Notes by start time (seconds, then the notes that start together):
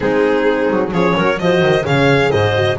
0.00 G#3 C4 D#4 G#4
0.70 F#3
0.91 F3 C#4 G#4 C#5
1.16 F#3 A#4
1.39 F3 F#4 C5 D#5
1.61 D#3
1.83 C#3 G#4 C#5 F5
2.31 G#2 C5 D#5
2.55 F#4